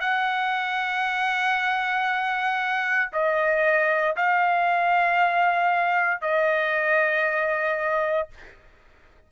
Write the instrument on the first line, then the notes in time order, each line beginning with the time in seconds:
trumpet
0.00 F#5
3.12 D#5
4.16 F5
6.21 D#5